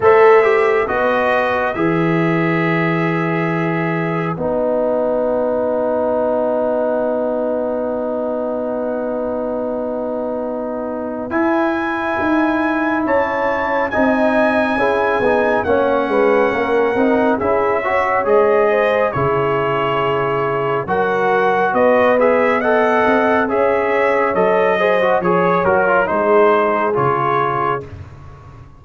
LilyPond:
<<
  \new Staff \with { instrumentName = "trumpet" } { \time 4/4 \tempo 4 = 69 e''4 dis''4 e''2~ | e''4 fis''2.~ | fis''1~ | fis''4 gis''2 a''4 |
gis''2 fis''2 | e''4 dis''4 cis''2 | fis''4 dis''8 e''8 fis''4 e''4 | dis''4 cis''8 ais'8 c''4 cis''4 | }
  \new Staff \with { instrumentName = "horn" } { \time 4/4 c''4 b'2.~ | b'1~ | b'1~ | b'2. cis''4 |
dis''4 gis'4 cis''8 b'8 ais'4 | gis'8 cis''4 c''8 gis'2 | ais'4 b'4 dis''4 cis''4~ | cis''8 c''8 cis''4 gis'2 | }
  \new Staff \with { instrumentName = "trombone" } { \time 4/4 a'8 g'8 fis'4 gis'2~ | gis'4 dis'2.~ | dis'1~ | dis'4 e'2. |
dis'4 e'8 dis'8 cis'4. dis'8 | e'8 fis'8 gis'4 e'2 | fis'4. gis'8 a'4 gis'4 | a'8 gis'16 fis'16 gis'8 fis'16 f'16 dis'4 f'4 | }
  \new Staff \with { instrumentName = "tuba" } { \time 4/4 a4 b4 e2~ | e4 b2.~ | b1~ | b4 e'4 dis'4 cis'4 |
c'4 cis'8 b8 ais8 gis8 ais8 c'8 | cis'4 gis4 cis2 | fis4 b4. c'8 cis'4 | fis4 f8 fis8 gis4 cis4 | }
>>